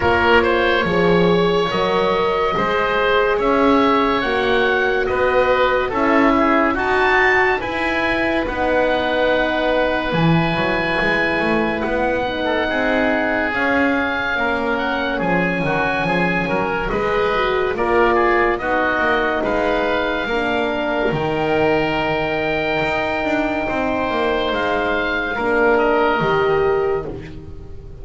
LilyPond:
<<
  \new Staff \with { instrumentName = "oboe" } { \time 4/4 \tempo 4 = 71 cis''2 dis''2 | e''4 fis''4 dis''4 e''4 | a''4 gis''4 fis''2 | gis''2 fis''2 |
f''4. fis''8 gis''2 | dis''4 d''4 dis''4 f''4~ | f''4 g''2.~ | g''4 f''4. dis''4. | }
  \new Staff \with { instrumentName = "oboe" } { \time 4/4 ais'8 c''8 cis''2 c''4 | cis''2 b'4 a'8 gis'8 | fis'4 b'2.~ | b'2~ b'8. a'16 gis'4~ |
gis'4 ais'4 gis'8 fis'8 gis'8 ais'8 | b'4 ais'8 gis'8 fis'4 b'4 | ais'1 | c''2 ais'2 | }
  \new Staff \with { instrumentName = "horn" } { \time 4/4 f'4 gis'4 ais'4 gis'4~ | gis'4 fis'2 e'4 | fis'4 e'4 dis'2 | e'2~ e'8 dis'4. |
cis'1 | gis'8 fis'8 f'4 dis'2 | d'4 dis'2.~ | dis'2 d'4 g'4 | }
  \new Staff \with { instrumentName = "double bass" } { \time 4/4 ais4 f4 fis4 gis4 | cis'4 ais4 b4 cis'4 | dis'4 e'4 b2 | e8 fis8 gis8 a8 b4 c'4 |
cis'4 ais4 f8 dis8 f8 fis8 | gis4 ais4 b8 ais8 gis4 | ais4 dis2 dis'8 d'8 | c'8 ais8 gis4 ais4 dis4 | }
>>